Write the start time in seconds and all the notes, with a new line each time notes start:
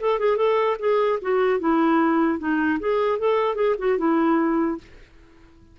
0.00 A4
0.19 G#4
0.36 A4
0.79 G#4
1.21 F#4
1.59 E4
2.38 D#4
2.79 G#4
3.19 A4
3.55 G#4
3.78 F#4
3.97 E4